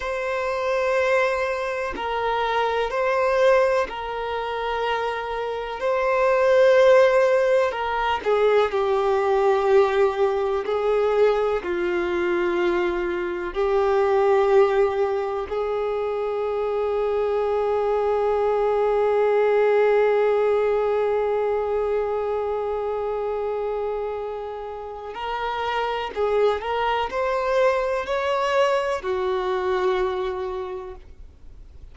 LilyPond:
\new Staff \with { instrumentName = "violin" } { \time 4/4 \tempo 4 = 62 c''2 ais'4 c''4 | ais'2 c''2 | ais'8 gis'8 g'2 gis'4 | f'2 g'2 |
gis'1~ | gis'1~ | gis'2 ais'4 gis'8 ais'8 | c''4 cis''4 fis'2 | }